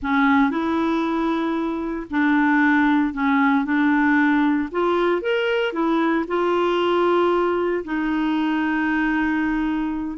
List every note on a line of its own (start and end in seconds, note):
0.02 0.50 C#4
0.50 2.07 E4
2.10 3.13 D4
3.13 3.64 C#4
3.64 4.69 D4
4.71 5.21 F4
5.21 5.72 A#4
5.72 6.25 E4
6.27 7.84 F4
7.84 10.17 D#4